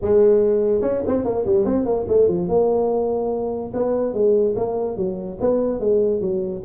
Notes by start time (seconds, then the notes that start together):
0.01 G#3
0.81 C#4
1.06 C4
1.24 A#3
1.46 G3
1.65 C4
1.85 A#3
2.07 A3
2.28 F3
2.48 A#3
3.73 B3
4.13 G#3
4.56 A#3
4.96 F#3
5.40 B3
5.79 G#3
6.20 F#3